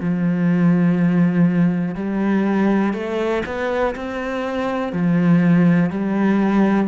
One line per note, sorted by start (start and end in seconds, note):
0.00 1.95 F3
1.95 2.93 G3
2.93 3.42 A3
3.46 3.95 B3
3.95 4.92 C4
4.92 5.90 F3
5.90 6.87 G3